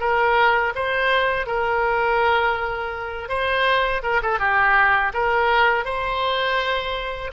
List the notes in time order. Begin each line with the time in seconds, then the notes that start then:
0.00 A#4
0.75 C5
1.46 A#4
3.29 C5
4.03 A#4
4.22 A4
4.39 G4
5.14 A#4
5.85 C5